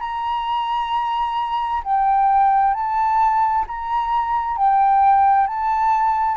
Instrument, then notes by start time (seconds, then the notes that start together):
flute
0.00 A#5
1.83 G5
2.74 A5
3.67 A#5
4.57 G5
5.46 A5